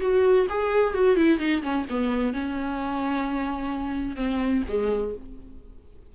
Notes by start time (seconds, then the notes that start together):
0.00 F#4
0.49 G#4
0.94 F#4
1.16 E4
1.39 D#4
1.62 C#4
1.89 B3
2.33 C#4
4.16 C4
4.68 G#3